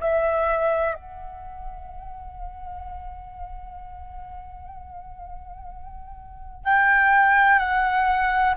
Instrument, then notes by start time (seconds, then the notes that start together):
flute
0.00 E5
0.94 F#5
6.64 G5
7.58 F#5